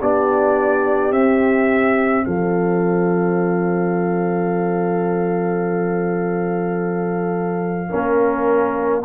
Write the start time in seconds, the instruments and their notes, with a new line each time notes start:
0.00 tuba B3, trombone D4, horn G4, trumpet D5
1.12 tuba C4, trombone C4, trumpet E5
2.25 tuba F3, horn A4, trumpet F5
7.90 tuba A#3, trombone C#4, horn A#4